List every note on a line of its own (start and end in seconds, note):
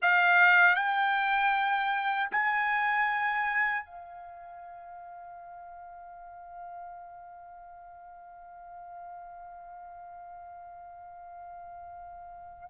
0.02 0.75 F5
0.75 2.29 G5
2.31 3.85 G#5
3.85 12.69 F5